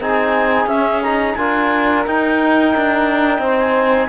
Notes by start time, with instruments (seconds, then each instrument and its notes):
0.00 cello C4, trombone D#4, saxophone G#4, clarinet G#5
0.66 cello C#4, trombone C#4, clarinet E5
1.02 trombone D#4, clarinet A#5
1.35 cello D4, trombone F4, saxophone A#4, clarinet G#5
2.06 cello D#4, trombone D#4, clarinet G5
2.76 cello D4
3.38 cello C4, saxophone C5
3.59 clarinet G#5